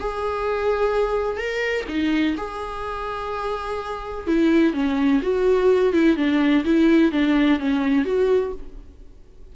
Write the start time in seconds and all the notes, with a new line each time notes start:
0.00 G#4
1.37 A#4
1.88 D#4
2.37 G#4
4.27 E4
4.73 C#4
5.22 F#4
5.93 E4
6.16 D4
6.65 E4
7.12 D4
7.59 C#4
8.05 F#4